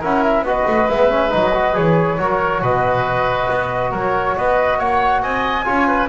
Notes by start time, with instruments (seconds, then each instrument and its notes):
0.00 double bass C#4, trombone E4, oboe A#4, flute F#5
0.23 flute E5
0.42 double bass B3, trombone F#4, oboe B4, flute D#5
0.67 double bass A3
0.89 double bass G#3, trombone B3, flute E5
1.10 trombone C#4
1.30 double bass F#3, trombone D#4, flute D#5
1.53 trombone F#4
1.74 double bass E3, trombone G#4, flute C#5
2.18 double bass F#3, trombone F#4, oboe A#4
2.62 double bass B2, oboe B4, flute D#5
3.50 double bass B3
3.91 double bass F#3, oboe A#4, flute C#5
4.37 double bass B3, oboe B4, flute D#5
4.78 double bass A#3, oboe C#5, flute F#5
5.22 double bass C4, oboe D#5, flute G#5
5.64 double bass C#4, trombone F4, oboe C#5
5.87 oboe B4